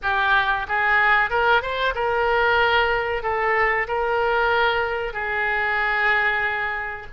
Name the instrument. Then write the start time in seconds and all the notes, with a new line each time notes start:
oboe
0.02 G4
0.67 G#4
1.29 A#4
1.61 C5
1.94 A#4
3.23 A4
3.87 A#4
5.13 G#4